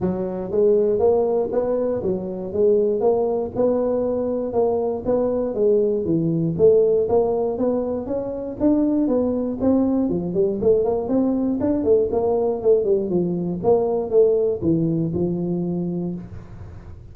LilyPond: \new Staff \with { instrumentName = "tuba" } { \time 4/4 \tempo 4 = 119 fis4 gis4 ais4 b4 | fis4 gis4 ais4 b4~ | b4 ais4 b4 gis4 | e4 a4 ais4 b4 |
cis'4 d'4 b4 c'4 | f8 g8 a8 ais8 c'4 d'8 a8 | ais4 a8 g8 f4 ais4 | a4 e4 f2 | }